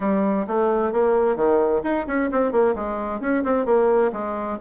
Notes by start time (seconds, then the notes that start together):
0.00 G3
0.47 A3
0.92 A#3
1.36 D#3
1.83 D#4
2.07 C#4
2.31 C4
2.51 A#3
2.75 G#3
3.20 C#4
3.44 C4
3.65 A#3
4.12 G#3